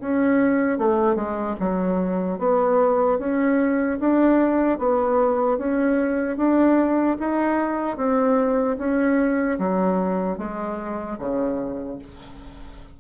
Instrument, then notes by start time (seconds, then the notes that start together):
bassoon
0.00 C#4
0.78 A3
1.15 G#3
1.60 F#3
2.38 B3
3.19 C#4
4.00 D4
4.79 B3
5.57 C#4
6.37 D4
7.19 D#4
7.97 C4
8.78 C#4
9.59 F#3
10.37 G#3
11.19 C#3